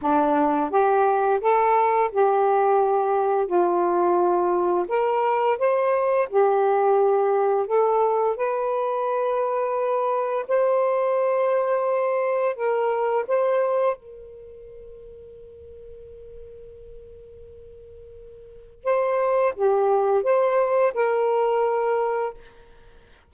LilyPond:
\new Staff \with { instrumentName = "saxophone" } { \time 4/4 \tempo 4 = 86 d'4 g'4 a'4 g'4~ | g'4 f'2 ais'4 | c''4 g'2 a'4 | b'2. c''4~ |
c''2 ais'4 c''4 | ais'1~ | ais'2. c''4 | g'4 c''4 ais'2 | }